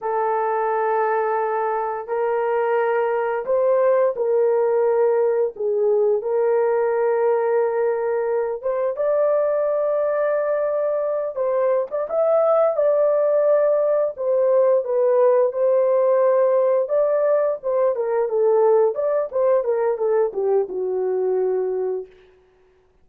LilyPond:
\new Staff \with { instrumentName = "horn" } { \time 4/4 \tempo 4 = 87 a'2. ais'4~ | ais'4 c''4 ais'2 | gis'4 ais'2.~ | ais'8 c''8 d''2.~ |
d''8 c''8. d''16 e''4 d''4.~ | d''8 c''4 b'4 c''4.~ | c''8 d''4 c''8 ais'8 a'4 d''8 | c''8 ais'8 a'8 g'8 fis'2 | }